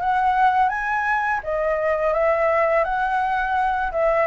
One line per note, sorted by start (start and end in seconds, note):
0.00 0.69 F#5
0.69 1.40 G#5
1.43 2.13 D#5
2.13 2.84 E5
2.84 3.91 F#5
3.92 4.27 E5